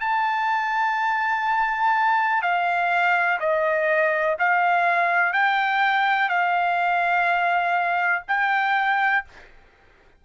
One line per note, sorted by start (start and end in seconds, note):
0.00 2.42 A5
2.42 3.39 F5
3.40 4.36 D#5
4.39 5.33 F5
5.33 6.29 G5
6.29 8.22 F5
8.27 9.24 G5